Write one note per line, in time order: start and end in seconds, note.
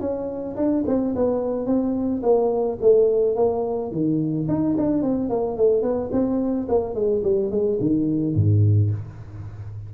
0.00 0.56 C#4
0.56 0.84 D4
0.87 1.14 C4
1.15 1.66 B3
1.66 2.21 C4
2.22 2.78 A#3
2.81 3.36 A3
3.36 3.91 A#3
3.91 4.47 D#3
4.48 4.76 D#4
4.77 5.02 D4
5.02 5.29 C4
5.29 5.57 A#3
5.57 5.82 A3
5.82 6.10 B3
6.12 6.67 C4
6.68 6.94 A#3
6.94 7.22 G#3
7.23 7.51 G3
7.51 7.78 G#3
7.80 8.35 D#3
8.35 8.90 G#2